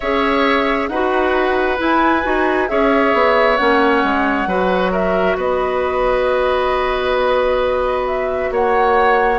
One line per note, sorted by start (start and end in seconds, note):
0.00 0.88 C#4
0.00 0.91 G#4
0.00 0.89 C#5
0.00 0.88 E5
0.88 1.77 D#4
0.88 1.77 F#4
0.88 2.70 B4
0.88 1.77 F#5
1.77 2.22 E4
1.77 2.24 E4
1.77 2.68 G#5
2.22 2.70 D#4
2.22 2.67 F#4
2.67 3.13 C#4
2.67 3.57 G#4
2.67 4.48 C#5
2.67 3.57 E5
3.13 3.58 B3
3.57 4.03 A#3
3.57 4.47 C#4
3.57 4.91 F#5
4.03 4.46 G#3
4.46 5.36 F#3
4.46 9.38 F#4
4.46 4.91 B4
4.91 5.36 A#4
4.91 5.36 E5
5.37 8.50 B3
5.37 8.50 B4
5.37 8.07 D#5
8.07 8.52 E5
8.50 9.38 A#3
8.50 9.38 C#5
8.50 9.38 F#5